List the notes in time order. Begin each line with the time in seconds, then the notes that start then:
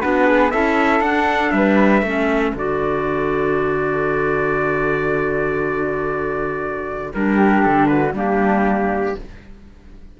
0.00 B3 D4 F#4 B4
0.26 G#4
0.51 C#4 E4 A4 E5
1.00 D4 F#5
1.51 G3 B4 E5
2.02 A3 C#4 A4
2.54 D3 F#4 D5
7.14 G3 D4 A#4
7.36 G4
7.62 D3 A4
7.86 F#4 B4
8.13 G3 A#3 D4 G4